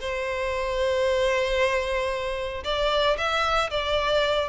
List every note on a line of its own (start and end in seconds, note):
0.00 2.63 C5
2.64 3.16 D5
3.17 3.70 E5
3.70 4.48 D5